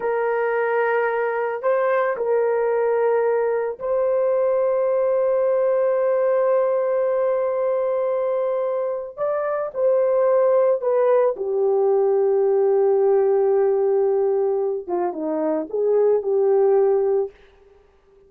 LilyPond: \new Staff \with { instrumentName = "horn" } { \time 4/4 \tempo 4 = 111 ais'2. c''4 | ais'2. c''4~ | c''1~ | c''1~ |
c''4 d''4 c''2 | b'4 g'2.~ | g'2.~ g'8 f'8 | dis'4 gis'4 g'2 | }